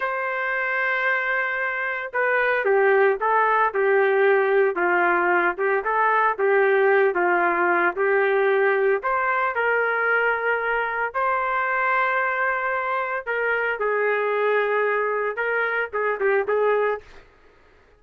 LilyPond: \new Staff \with { instrumentName = "trumpet" } { \time 4/4 \tempo 4 = 113 c''1 | b'4 g'4 a'4 g'4~ | g'4 f'4. g'8 a'4 | g'4. f'4. g'4~ |
g'4 c''4 ais'2~ | ais'4 c''2.~ | c''4 ais'4 gis'2~ | gis'4 ais'4 gis'8 g'8 gis'4 | }